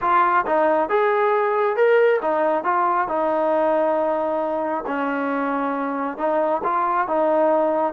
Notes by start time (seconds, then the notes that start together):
0.01 F4
0.46 D#4
0.89 G#4
1.76 A#4
2.21 D#4
2.64 F4
3.08 D#4
4.86 C#4
6.17 D#4
6.63 F4
7.07 D#4